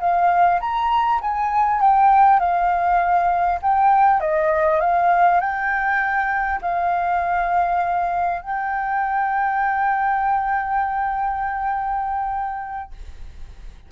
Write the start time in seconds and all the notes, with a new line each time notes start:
0.00 F5
0.61 A#5
1.21 G#5
1.81 G5
2.40 F5
3.62 G5
4.21 D#5
4.81 F5
5.41 G5
6.62 F5
8.42 G5